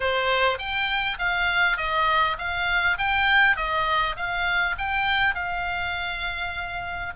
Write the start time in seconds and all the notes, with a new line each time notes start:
0.00 C5
0.58 G5
1.19 F5
1.77 D#5
2.38 F5
2.97 G5
3.56 D#5
4.16 F5
4.78 G5
5.34 F5